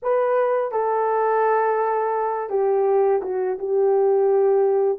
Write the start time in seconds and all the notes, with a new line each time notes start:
0.02 B4
0.71 A4
2.49 G4
3.22 F#4
3.58 G4